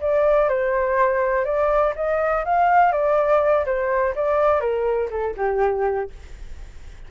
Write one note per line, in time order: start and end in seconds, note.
0.00 0.49 D5
0.49 1.45 C5
1.45 1.93 D5
1.96 2.44 D#5
2.44 2.92 F5
2.92 3.65 D5
3.65 4.14 C5
4.15 4.60 D5
4.60 5.09 A#4
5.10 5.35 A4
5.36 6.10 G4